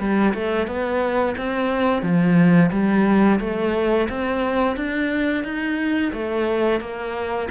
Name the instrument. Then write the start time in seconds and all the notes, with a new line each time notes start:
cello
0.00 G3
0.34 A3
0.68 B3
1.38 C4
2.03 F3
2.72 G3
3.41 A3
4.10 C4
4.77 D4
5.44 D#4
6.13 A3
6.81 A#3